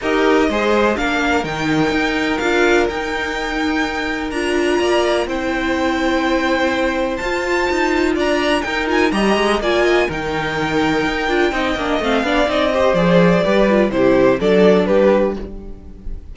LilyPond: <<
  \new Staff \with { instrumentName = "violin" } { \time 4/4 \tempo 4 = 125 dis''2 f''4 g''4~ | g''4 f''4 g''2~ | g''4 ais''2 g''4~ | g''2. a''4~ |
a''4 ais''4 g''8 gis''8 ais''4 | gis''4 g''2.~ | g''4 f''4 dis''4 d''4~ | d''4 c''4 d''4 b'4 | }
  \new Staff \with { instrumentName = "violin" } { \time 4/4 ais'4 c''4 ais'2~ | ais'1~ | ais'2 d''4 c''4~ | c''1~ |
c''4 d''4 ais'4 dis''4 | d''8 dis''8 ais'2. | dis''4. d''4 c''4. | b'4 g'4 a'4 g'4 | }
  \new Staff \with { instrumentName = "viola" } { \time 4/4 g'4 gis'4 d'4 dis'4~ | dis'4 f'4 dis'2~ | dis'4 f'2 e'4~ | e'2. f'4~ |
f'2 dis'8 f'8 g'4 | f'4 dis'2~ dis'8 f'8 | dis'8 d'8 c'8 d'8 dis'8 g'8 gis'4 | g'8 f'8 e'4 d'2 | }
  \new Staff \with { instrumentName = "cello" } { \time 4/4 dis'4 gis4 ais4 dis4 | dis'4 d'4 dis'2~ | dis'4 d'4 ais4 c'4~ | c'2. f'4 |
dis'4 d'4 dis'4 g8 gis8 | ais4 dis2 dis'8 d'8 | c'8 ais8 a8 b8 c'4 f4 | g4 c4 fis4 g4 | }
>>